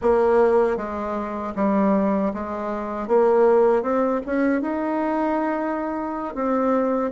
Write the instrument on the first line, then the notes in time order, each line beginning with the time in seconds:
bassoon
0.01 A#3
0.76 G#3
1.55 G3
2.33 G#3
3.07 A#3
3.82 C4
4.26 C#4
4.61 D#4
6.34 C4